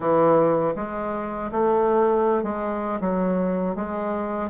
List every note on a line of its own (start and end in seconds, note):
0.00 0.74 E3
0.75 1.50 G#3
1.51 2.43 A3
2.43 2.99 G#3
3.00 3.75 F#3
3.75 4.50 G#3